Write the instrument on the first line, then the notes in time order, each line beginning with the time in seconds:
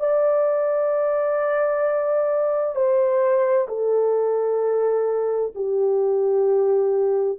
horn
0.00 D5
2.75 C5
3.68 A4
5.55 G4